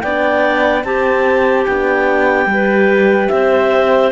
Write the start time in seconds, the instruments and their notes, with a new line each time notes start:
0.00 cello B3, horn D4, clarinet D5 G5
0.84 cello C4, horn C4, clarinet G4 A5
1.65 cello B3, horn D4, clarinet G5
2.46 cello G3, horn G4
2.53 clarinet B4
3.28 cello C4, clarinet C5 E5